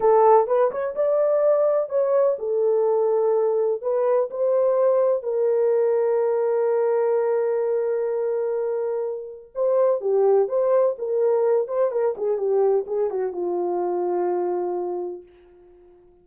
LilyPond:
\new Staff \with { instrumentName = "horn" } { \time 4/4 \tempo 4 = 126 a'4 b'8 cis''8 d''2 | cis''4 a'2. | b'4 c''2 ais'4~ | ais'1~ |
ais'1 | c''4 g'4 c''4 ais'4~ | ais'8 c''8 ais'8 gis'8 g'4 gis'8 fis'8 | f'1 | }